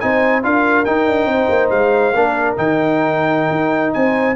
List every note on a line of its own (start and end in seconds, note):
0.00 0.44 C4
0.00 0.43 D#4
0.00 0.45 C5
0.00 0.43 G#5
0.43 0.87 D4
0.43 0.86 F4
0.43 1.30 A#4
0.43 0.85 F5
0.85 2.14 D#4
0.85 1.07 D#4
0.85 1.70 G5
1.07 1.25 D4
1.25 1.47 C4
1.25 2.15 C5
1.49 1.71 A#3
1.70 2.13 G#3
1.70 2.55 F5
2.13 2.56 A#3
2.13 2.57 D4
2.13 3.96 A#4
2.57 3.51 D#3
2.57 4.36 D#4
2.57 3.94 G5
3.51 3.93 D#4
3.94 4.36 C4
3.94 4.36 C5
3.94 4.36 G#5